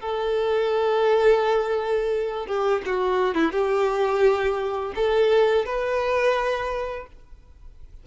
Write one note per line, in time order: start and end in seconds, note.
0.00 2.46 A4
2.46 2.82 G4
2.86 3.34 F#4
3.34 3.52 E4
3.52 4.93 G4
4.95 5.65 A4
5.65 7.07 B4